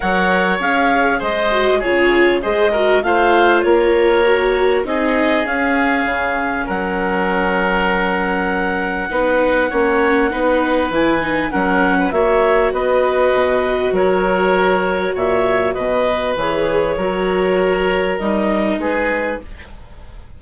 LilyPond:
<<
  \new Staff \with { instrumentName = "clarinet" } { \time 4/4 \tempo 4 = 99 fis''4 f''4 dis''4 cis''4 | dis''4 f''4 cis''2 | dis''4 f''2 fis''4~ | fis''1~ |
fis''2 gis''4 fis''4 | e''4 dis''2 cis''4~ | cis''4 e''4 dis''4 cis''4~ | cis''2 dis''4 b'4 | }
  \new Staff \with { instrumentName = "oboe" } { \time 4/4 cis''2 c''4 gis'4 | c''8 ais'8 c''4 ais'2 | gis'2. ais'4~ | ais'2. b'4 |
cis''4 b'2 ais'8. b'16 | cis''4 b'2 ais'4~ | ais'4 cis''4 b'2 | ais'2. gis'4 | }
  \new Staff \with { instrumentName = "viola" } { \time 4/4 ais'4 gis'4. fis'8 f'4 | gis'8 fis'8 f'2 fis'4 | dis'4 cis'2.~ | cis'2. dis'4 |
cis'4 dis'4 e'8 dis'8 cis'4 | fis'1~ | fis'2. gis'4 | fis'2 dis'2 | }
  \new Staff \with { instrumentName = "bassoon" } { \time 4/4 fis4 cis'4 gis4 cis4 | gis4 a4 ais2 | c'4 cis'4 cis4 fis4~ | fis2. b4 |
ais4 b4 e4 fis4 | ais4 b4 b,4 fis4~ | fis4 ais,4 b,4 e4 | fis2 g4 gis4 | }
>>